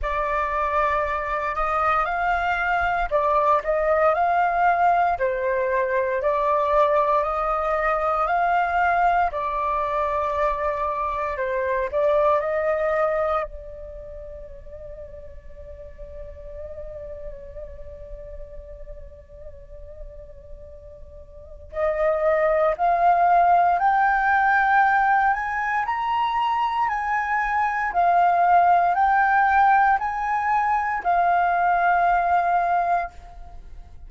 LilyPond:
\new Staff \with { instrumentName = "flute" } { \time 4/4 \tempo 4 = 58 d''4. dis''8 f''4 d''8 dis''8 | f''4 c''4 d''4 dis''4 | f''4 d''2 c''8 d''8 | dis''4 d''2.~ |
d''1~ | d''4 dis''4 f''4 g''4~ | g''8 gis''8 ais''4 gis''4 f''4 | g''4 gis''4 f''2 | }